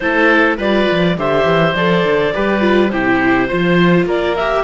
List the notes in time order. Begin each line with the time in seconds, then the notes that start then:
0.00 A3 E4 A4 C5
0.57 G3 F4 B4 D5
0.91 F3
1.16 D3 G4 C5 E5
1.44 E3
1.74 F3 A4 D5
2.04 D3
2.33 G3 G4 B4
2.60 F4
2.90 C3 E4 G4 C5
3.47 F3 F4 C5
4.05 A#3 A#4 D5
4.35 G4 E5